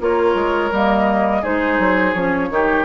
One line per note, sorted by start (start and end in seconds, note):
0.00 0.34 A#3
0.00 0.71 F4
0.00 1.41 A#4
0.00 0.73 C#5
0.34 0.70 G#3
0.71 1.42 G3
0.71 1.43 A#3
0.71 1.44 D#5
1.41 1.79 G#3
1.41 2.14 D#4
1.41 2.48 G#4
1.41 2.13 C5
1.79 2.14 F#3
2.13 2.49 F3
2.13 2.50 C#4
2.13 2.85 C#5
2.49 2.85 D#3
2.49 2.85 D#4
2.49 2.85 G4